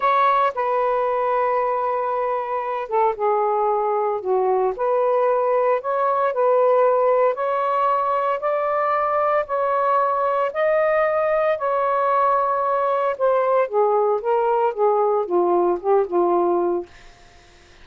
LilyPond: \new Staff \with { instrumentName = "saxophone" } { \time 4/4 \tempo 4 = 114 cis''4 b'2.~ | b'4. a'8 gis'2 | fis'4 b'2 cis''4 | b'2 cis''2 |
d''2 cis''2 | dis''2 cis''2~ | cis''4 c''4 gis'4 ais'4 | gis'4 f'4 g'8 f'4. | }